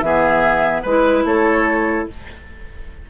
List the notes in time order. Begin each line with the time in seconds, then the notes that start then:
0.00 E3 B3 G#4 E5
0.82 G#3 E4 B4
1.25 A3 A4 C#5